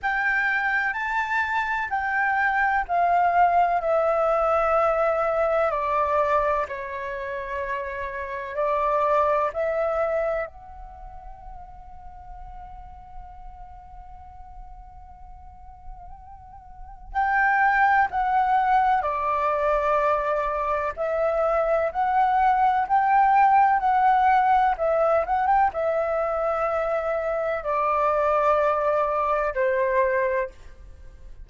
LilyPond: \new Staff \with { instrumentName = "flute" } { \time 4/4 \tempo 4 = 63 g''4 a''4 g''4 f''4 | e''2 d''4 cis''4~ | cis''4 d''4 e''4 fis''4~ | fis''1~ |
fis''2 g''4 fis''4 | d''2 e''4 fis''4 | g''4 fis''4 e''8 fis''16 g''16 e''4~ | e''4 d''2 c''4 | }